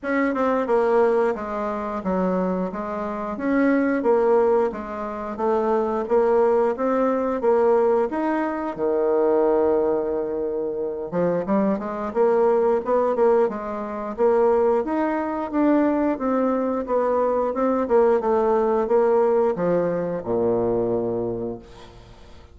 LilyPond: \new Staff \with { instrumentName = "bassoon" } { \time 4/4 \tempo 4 = 89 cis'8 c'8 ais4 gis4 fis4 | gis4 cis'4 ais4 gis4 | a4 ais4 c'4 ais4 | dis'4 dis2.~ |
dis8 f8 g8 gis8 ais4 b8 ais8 | gis4 ais4 dis'4 d'4 | c'4 b4 c'8 ais8 a4 | ais4 f4 ais,2 | }